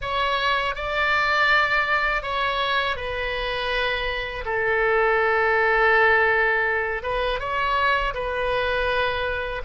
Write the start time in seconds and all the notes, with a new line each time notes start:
0.01 C#5
0.75 D5
2.22 C#5
2.96 B4
4.45 A4
7.02 B4
7.39 C#5
8.13 B4